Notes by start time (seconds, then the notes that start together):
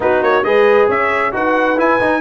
0.00 B3 D#4 F#4 B4
0.22 A#3 C#5
0.44 G#3 G#4 B4 D#5
0.88 C#4 C#5 E5
1.32 D#4 F#4 B4 F#5
1.77 E4 G#5
2.00 D#4